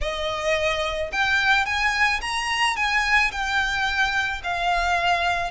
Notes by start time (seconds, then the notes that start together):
0.01 D#5
1.12 G5
1.65 G#5
2.21 A#5
2.76 G#5
3.31 G5
4.43 F5